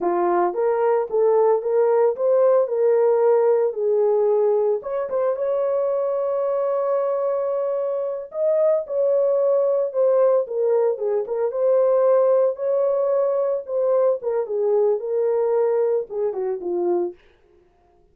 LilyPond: \new Staff \with { instrumentName = "horn" } { \time 4/4 \tempo 4 = 112 f'4 ais'4 a'4 ais'4 | c''4 ais'2 gis'4~ | gis'4 cis''8 c''8 cis''2~ | cis''2.~ cis''8 dis''8~ |
dis''8 cis''2 c''4 ais'8~ | ais'8 gis'8 ais'8 c''2 cis''8~ | cis''4. c''4 ais'8 gis'4 | ais'2 gis'8 fis'8 f'4 | }